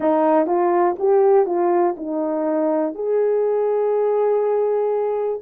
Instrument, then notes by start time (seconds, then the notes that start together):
horn
0.00 D#4
0.46 F4
0.98 G4
1.46 F4
1.97 D#4
2.94 G#4